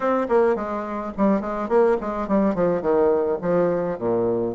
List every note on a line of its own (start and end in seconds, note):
0.00 0.27 C4
0.28 0.55 A#3
0.55 1.12 G#3
1.17 1.40 G3
1.40 1.68 G#3
1.68 1.97 A#3
2.00 2.28 G#3
2.28 2.55 G3
2.55 2.81 F3
2.81 3.38 D#3
3.41 3.98 F3
3.98 4.54 A#2